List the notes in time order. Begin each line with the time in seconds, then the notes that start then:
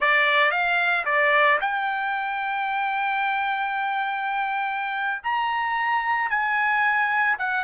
0.00 D5
0.51 F5
1.05 D5
1.60 G5
5.23 A#5
6.30 G#5
7.38 F#5